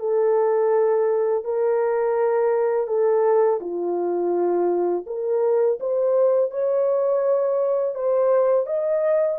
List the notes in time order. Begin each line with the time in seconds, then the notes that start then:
0.00 A4
1.45 A#4
2.88 A4
3.60 F4
5.07 A#4
5.80 C5
6.51 C#5
7.95 C5
8.66 D#5